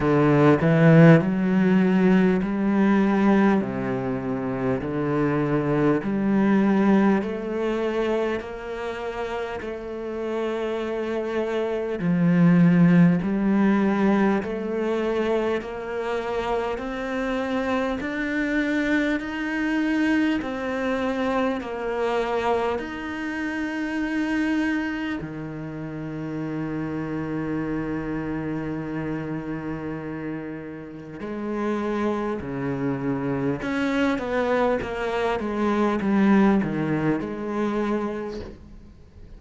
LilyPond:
\new Staff \with { instrumentName = "cello" } { \time 4/4 \tempo 4 = 50 d8 e8 fis4 g4 c4 | d4 g4 a4 ais4 | a2 f4 g4 | a4 ais4 c'4 d'4 |
dis'4 c'4 ais4 dis'4~ | dis'4 dis2.~ | dis2 gis4 cis4 | cis'8 b8 ais8 gis8 g8 dis8 gis4 | }